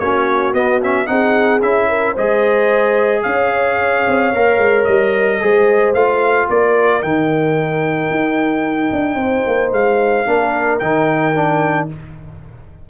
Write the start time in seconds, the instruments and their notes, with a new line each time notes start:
0.00 tuba A#3, trombone C#4, horn F#4, trumpet C#5
0.54 trombone B3, tuba B3, trumpet D#5
0.82 trombone C#4, trumpet E5
1.07 tuba C4, trombone D#4, horn G#4, trumpet F#5
1.62 tuba C#4, trombone E4, trumpet E5
1.89 horn A#4
2.13 tuba G#3, trombone G#4, horn C5, trumpet D#5
3.23 tuba C#4, horn C#5, trumpet F5
4.08 tuba C4
4.34 tuba A#3, trombone A#4
4.58 tuba G#3
4.85 tuba G3, trumpet D#5
5.41 tuba G#3, trombone G#4, horn C5
5.94 tuba A3, trombone F4, trumpet F5
6.50 tuba A#3, horn A#4, trumpet D5
7.03 tuba D#3, trombone D#4, trumpet G5
8.11 tuba D#4
8.93 tuba D4
9.16 tuba C4, horn C5
9.47 tuba A#3
9.72 tuba G#3, trumpet F5
10.27 tuba A#3, trombone D4, horn A#4
10.80 tuba D#3, trombone D#4, trumpet G5
11.35 trombone D4